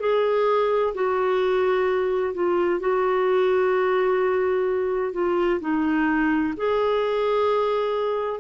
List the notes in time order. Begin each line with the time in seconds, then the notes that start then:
0.00 G#4
0.95 F#4
2.34 F4
2.80 F#4
5.13 F4
5.60 D#4
6.57 G#4